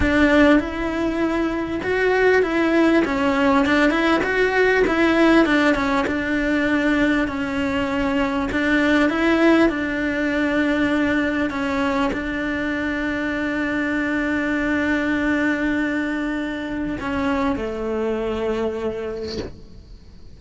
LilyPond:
\new Staff \with { instrumentName = "cello" } { \time 4/4 \tempo 4 = 99 d'4 e'2 fis'4 | e'4 cis'4 d'8 e'8 fis'4 | e'4 d'8 cis'8 d'2 | cis'2 d'4 e'4 |
d'2. cis'4 | d'1~ | d'1 | cis'4 a2. | }